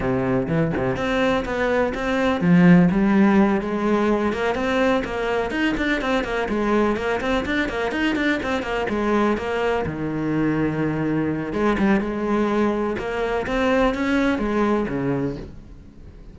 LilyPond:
\new Staff \with { instrumentName = "cello" } { \time 4/4 \tempo 4 = 125 c4 e8 c8 c'4 b4 | c'4 f4 g4. gis8~ | gis4 ais8 c'4 ais4 dis'8 | d'8 c'8 ais8 gis4 ais8 c'8 d'8 |
ais8 dis'8 d'8 c'8 ais8 gis4 ais8~ | ais8 dis2.~ dis8 | gis8 g8 gis2 ais4 | c'4 cis'4 gis4 cis4 | }